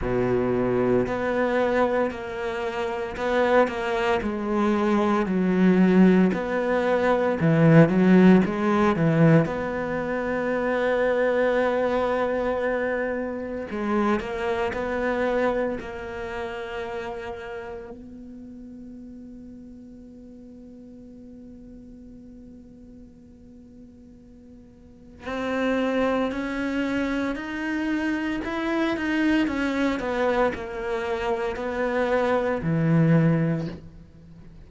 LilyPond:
\new Staff \with { instrumentName = "cello" } { \time 4/4 \tempo 4 = 57 b,4 b4 ais4 b8 ais8 | gis4 fis4 b4 e8 fis8 | gis8 e8 b2.~ | b4 gis8 ais8 b4 ais4~ |
ais4 b2.~ | b1 | c'4 cis'4 dis'4 e'8 dis'8 | cis'8 b8 ais4 b4 e4 | }